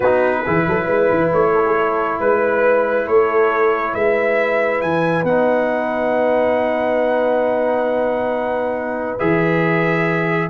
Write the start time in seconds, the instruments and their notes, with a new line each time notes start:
0.00 tuba B3, trombone D#4, horn F#4, trumpet B4
0.43 tuba E3, trombone E4, horn G#4
0.67 tuba F#3, horn A4
0.84 tuba G#3, horn B4
1.11 tuba E3
1.32 tuba A3, trumpet C#5
1.53 horn A4
1.65 horn G#4
1.76 horn A4
2.20 tuba G#3, trumpet B4, horn B4
3.05 tuba A3, horn A4, trumpet C#5
3.94 tuba G#3, horn B4, trumpet E5
4.81 tuba E3, trumpet G#5
5.23 tuba B3, trombone D#4, trumpet F#5
9.18 tuba E3, trombone G#4, trumpet E5